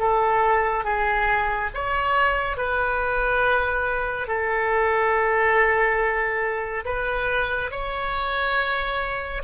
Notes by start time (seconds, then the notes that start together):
0.00 A4
0.85 G#4
1.75 C#5
2.58 B4
4.28 A4
6.86 B4
7.71 C#5